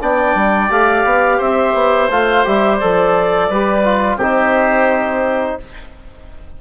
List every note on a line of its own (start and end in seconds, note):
0.00 0.34 B3
0.00 0.69 D4
0.00 1.37 D5
0.00 0.71 G5
0.34 0.69 G3
0.69 1.04 A3
0.69 2.09 G4
0.69 1.40 F5
1.04 1.39 B3
1.37 1.74 C4
1.37 3.47 C5
1.37 2.10 E5
1.74 2.09 B3
2.10 2.45 A3
2.10 2.44 F4
2.10 2.46 F5
2.44 2.81 G3
2.44 2.79 G4
2.44 2.76 E5
2.76 3.50 F3
2.76 3.50 A4
2.76 4.16 D5
3.50 4.16 G3
3.50 3.84 G4
3.50 4.17 B4
3.84 4.19 F4
4.16 5.56 C4
4.16 5.61 D#4
4.16 5.57 G4
4.16 5.60 C5